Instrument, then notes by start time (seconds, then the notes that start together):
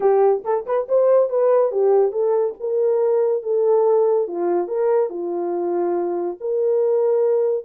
horn
0.00 G4
0.44 A4
0.66 B4
0.88 C5
1.29 B4
1.71 G4
2.12 A4
2.60 A#4
3.43 A4
4.27 F4
4.67 A#4
5.09 F4
6.40 A#4